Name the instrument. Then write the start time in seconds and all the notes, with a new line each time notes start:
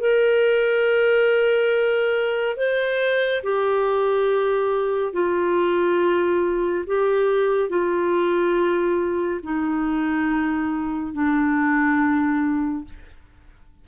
clarinet
0.00 A#4
2.57 C5
3.43 G4
5.13 F4
6.87 G4
7.69 F4
9.43 D#4
11.14 D4